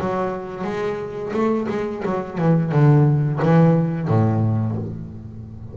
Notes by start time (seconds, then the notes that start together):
0.00 F#3
0.64 G#3
1.33 A3
1.69 G#3
2.05 F#3
2.38 E3
2.71 D3
3.42 E3
4.08 A2